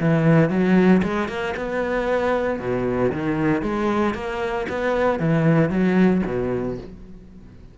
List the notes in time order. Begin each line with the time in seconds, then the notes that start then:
0.00 E3
0.50 F#3
1.03 G#3
1.28 A#3
1.57 B3
2.60 B2
3.12 D#3
3.62 G#3
4.15 A#3
4.69 B3
5.19 E3
5.70 F#3
6.26 B2